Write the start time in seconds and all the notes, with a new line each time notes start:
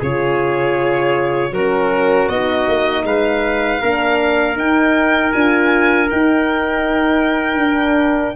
0.00 C#3 F4 G#4 C#5
1.52 F#3 C#4 F#4 A#4
2.29 B3 D#4 D#5
2.68 A#3
3.05 G#3 B4 F5
3.82 A#3 D4 A#4
4.56 D#4 G5
5.33 D4 F4 G#5
6.10 D#4 G5
7.58 D4